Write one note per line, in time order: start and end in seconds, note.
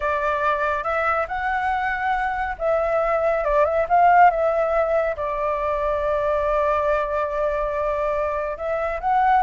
0.00 0.83 D5
0.83 1.26 E5
1.28 2.56 F#5
2.58 3.44 E5
3.44 3.64 D5
3.64 3.86 E5
3.88 4.30 F5
4.30 5.15 E5
5.16 8.57 D5
8.57 8.99 E5
9.00 9.42 F#5